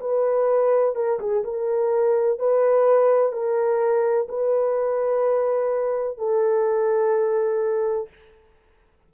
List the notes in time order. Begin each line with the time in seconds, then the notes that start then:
0.00 B4
0.95 A#4
1.19 G#4
1.44 A#4
2.39 B4
3.32 A#4
4.28 B4
6.18 A4